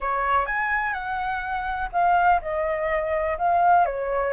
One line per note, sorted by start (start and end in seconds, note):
0.00 0.46 C#5
0.46 0.93 G#5
0.93 1.89 F#5
1.92 2.40 F5
2.41 3.37 D#5
3.38 3.85 F5
3.85 4.33 C#5